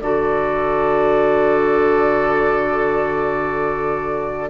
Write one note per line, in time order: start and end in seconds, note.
0.00 4.49 D3
0.00 4.49 F#4
0.00 4.49 A4
0.00 4.49 D5